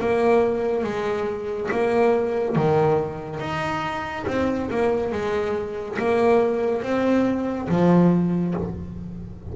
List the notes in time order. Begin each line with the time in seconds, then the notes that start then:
0.00 A#3
0.84 G#3
1.72 A#3
2.56 D#3
3.40 D#4
4.27 C4
4.71 A#3
5.12 G#3
5.99 A#3
6.83 C4
7.69 F3